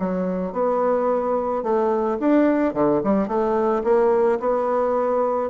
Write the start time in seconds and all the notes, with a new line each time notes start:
0.00 F#3
0.53 B3
1.63 A3
2.20 D4
2.74 D3
3.04 G3
3.28 A3
3.84 A#3
4.40 B3